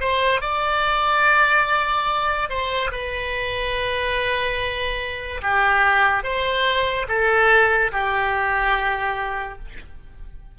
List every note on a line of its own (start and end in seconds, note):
0.00 0.41 C5
0.41 2.49 D5
2.49 2.91 C5
2.91 5.41 B4
5.42 6.23 G4
6.23 7.06 C5
7.08 7.91 A4
7.92 9.58 G4